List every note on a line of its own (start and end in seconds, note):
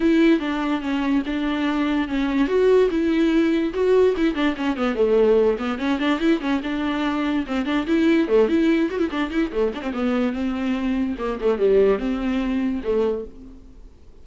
0.00 0.39 E4
0.39 0.81 D4
0.81 1.22 C#4
1.26 2.08 D4
2.08 2.47 C#4
2.47 2.89 F#4
2.90 3.73 E4
3.73 4.15 F#4
4.17 4.34 E4
4.34 4.55 D4
4.56 4.76 C#4
4.76 4.95 B3
4.95 5.57 A3
5.58 5.78 B3
5.78 5.99 C#4
5.99 6.19 D4
6.19 6.40 E4
6.40 6.61 C#4
6.63 7.46 D4
7.46 7.65 C4
7.65 7.86 D4
7.86 8.28 E4
8.28 8.48 A3
8.48 8.89 E4
8.90 8.99 F#4
8.99 9.09 E4
9.10 9.30 D4
9.30 9.51 E4
9.51 9.72 A3
9.74 9.82 D4
9.82 9.92 C4
9.93 10.32 B3
10.32 11.15 C4
11.18 11.39 A#3
11.40 11.58 A3
11.58 11.98 G3
11.98 12.81 C4
12.83 13.24 A3